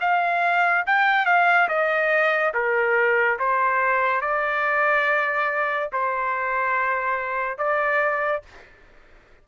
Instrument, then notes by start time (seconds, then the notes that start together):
trumpet
0.00 F5
0.86 G5
1.25 F5
1.68 D#5
2.54 A#4
3.39 C5
4.21 D5
5.92 C5
7.57 D5